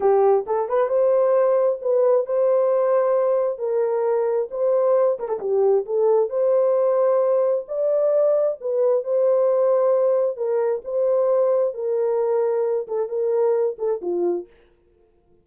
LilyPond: \new Staff \with { instrumentName = "horn" } { \time 4/4 \tempo 4 = 133 g'4 a'8 b'8 c''2 | b'4 c''2. | ais'2 c''4. ais'16 a'16 | g'4 a'4 c''2~ |
c''4 d''2 b'4 | c''2. ais'4 | c''2 ais'2~ | ais'8 a'8 ais'4. a'8 f'4 | }